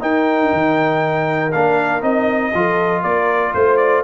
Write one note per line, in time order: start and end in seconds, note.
0.00 1.51 D#4
0.00 0.52 D#4
0.00 2.54 A#4
0.00 1.53 G5
0.53 1.54 D#3
1.53 2.02 A#3
1.53 2.02 D4
1.53 2.03 F5
2.02 2.53 C4
2.02 2.52 D#4
2.02 3.03 D#5
2.54 3.04 F3
2.54 4.04 F4
2.54 3.02 A4
3.02 3.54 A#3
3.02 3.52 A#4
3.02 3.54 D5
3.54 4.04 A3
3.54 3.77 C5
3.54 4.04 C5
3.77 4.02 D5